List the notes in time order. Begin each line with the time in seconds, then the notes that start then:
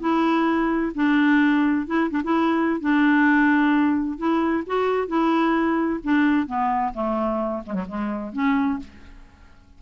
0.00 E4
0.95 D4
1.87 E4
2.10 D4
2.23 E4
2.80 D4
4.17 E4
4.66 F#4
5.08 E4
6.04 D4
6.47 B3
6.93 A3
7.66 G#3
7.74 F#3
7.88 G#3
8.33 C#4